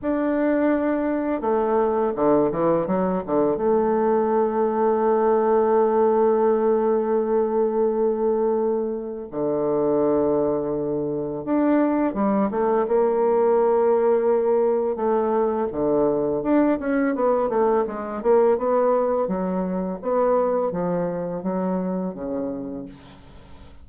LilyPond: \new Staff \with { instrumentName = "bassoon" } { \time 4/4 \tempo 4 = 84 d'2 a4 d8 e8 | fis8 d8 a2.~ | a1~ | a4 d2. |
d'4 g8 a8 ais2~ | ais4 a4 d4 d'8 cis'8 | b8 a8 gis8 ais8 b4 fis4 | b4 f4 fis4 cis4 | }